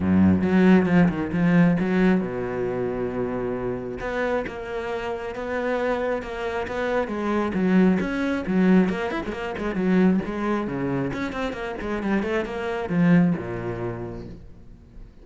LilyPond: \new Staff \with { instrumentName = "cello" } { \time 4/4 \tempo 4 = 135 fis,4 fis4 f8 dis8 f4 | fis4 b,2.~ | b,4 b4 ais2 | b2 ais4 b4 |
gis4 fis4 cis'4 fis4 | ais8 e'16 gis16 ais8 gis8 fis4 gis4 | cis4 cis'8 c'8 ais8 gis8 g8 a8 | ais4 f4 ais,2 | }